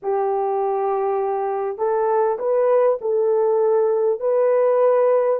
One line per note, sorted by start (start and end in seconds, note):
0.02 1.78 G4
1.78 2.38 A4
2.38 2.98 B4
3.01 4.20 A4
4.20 5.39 B4